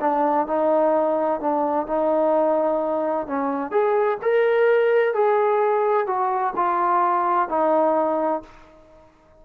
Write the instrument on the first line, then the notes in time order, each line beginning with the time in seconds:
trombone
0.00 D4
0.47 D#4
1.40 D4
1.87 D#4
3.26 C#4
3.71 G#4
4.22 A#4
5.13 G#4
6.06 F#4
6.56 F4
7.49 D#4